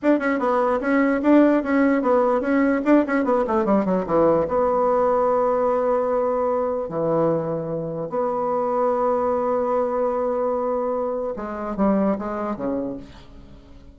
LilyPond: \new Staff \with { instrumentName = "bassoon" } { \time 4/4 \tempo 4 = 148 d'8 cis'8 b4 cis'4 d'4 | cis'4 b4 cis'4 d'8 cis'8 | b8 a8 g8 fis8 e4 b4~ | b1~ |
b4 e2. | b1~ | b1 | gis4 g4 gis4 cis4 | }